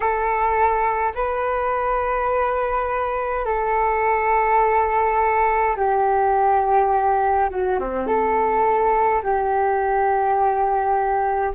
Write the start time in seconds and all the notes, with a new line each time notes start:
0.00 A4
1.14 B4
3.45 A4
5.76 G4
7.50 F#4
7.79 C4
8.06 A4
9.23 G4